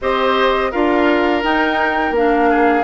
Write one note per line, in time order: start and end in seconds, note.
0.01 0.73 C4
0.01 0.72 G4
0.01 0.71 C5
0.01 0.72 D#5
0.71 1.43 D4
0.71 1.42 F4
0.71 2.49 A#4
0.71 1.43 F5
1.42 2.13 D#4
1.42 2.11 D#4
1.42 2.15 G5
2.11 2.82 A#3
2.11 2.84 D4
2.11 2.84 F5
2.50 2.84 G#4